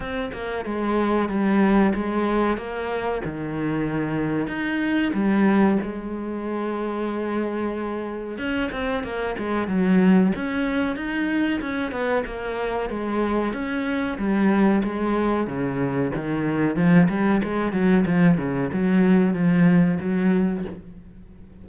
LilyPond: \new Staff \with { instrumentName = "cello" } { \time 4/4 \tempo 4 = 93 c'8 ais8 gis4 g4 gis4 | ais4 dis2 dis'4 | g4 gis2.~ | gis4 cis'8 c'8 ais8 gis8 fis4 |
cis'4 dis'4 cis'8 b8 ais4 | gis4 cis'4 g4 gis4 | cis4 dis4 f8 g8 gis8 fis8 | f8 cis8 fis4 f4 fis4 | }